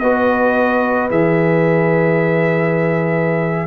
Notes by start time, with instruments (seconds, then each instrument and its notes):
0.00 tuba B3, trombone F#4, horn B4, trumpet D#5
1.10 tuba E3, trombone G#4, trumpet E5